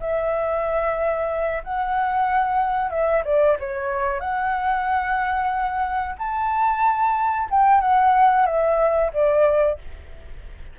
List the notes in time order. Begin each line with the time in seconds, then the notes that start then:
0.00 E5
1.64 F#5
2.90 E5
3.25 D5
3.60 C#5
4.20 F#5
6.19 A5
7.51 G5
7.81 F#5
8.46 E5
9.13 D5